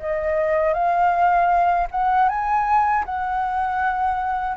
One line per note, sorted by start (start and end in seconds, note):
0.00 0.74 D#5
0.74 1.88 F5
1.91 2.29 F#5
2.29 3.05 G#5
3.06 4.57 F#5